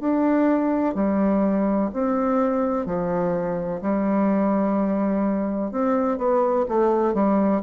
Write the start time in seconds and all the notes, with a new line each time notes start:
0.00 D4
0.95 G3
1.94 C4
2.86 F3
3.82 G3
5.72 C4
6.18 B3
6.69 A3
7.14 G3